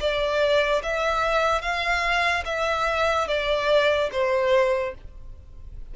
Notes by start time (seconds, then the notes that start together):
0.00 D5
0.83 E5
1.62 F5
2.45 E5
3.28 D5
4.12 C5